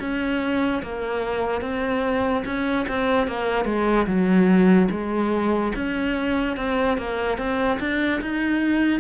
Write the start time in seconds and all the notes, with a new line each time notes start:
0.00 C#4
0.83 A#3
1.61 C4
2.45 C#4
2.88 C4
3.28 A#3
3.65 G#3
4.06 F#3
4.91 G#3
5.75 C#4
6.56 C4
6.98 A#3
7.38 C4
7.80 D4
8.21 D#4